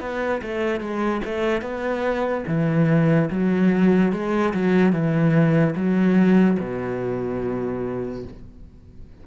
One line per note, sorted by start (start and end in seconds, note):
0.00 0.41 B3
0.42 0.80 A3
0.80 1.21 G#3
1.25 1.62 A3
1.62 2.44 B3
2.47 3.30 E3
3.31 4.12 F#3
4.12 4.54 G#3
4.54 4.92 F#3
4.92 5.75 E3
5.76 6.58 F#3
6.60 8.24 B2